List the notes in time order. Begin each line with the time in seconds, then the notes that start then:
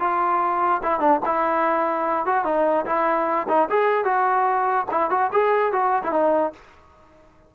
0.00 F4
0.83 E4
1.00 D4
1.26 E4
2.26 F#4
2.45 D#4
2.86 E4
3.48 D#4
3.70 G#4
4.05 F#4
4.91 E4
5.10 F#4
5.32 G#4
5.72 F#4
6.04 E4
6.12 D#4